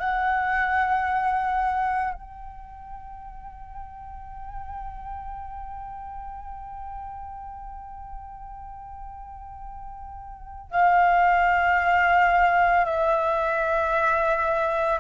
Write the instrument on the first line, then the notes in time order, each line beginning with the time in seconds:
flute
0.00 F#5
2.14 G5
10.71 F5
12.85 E5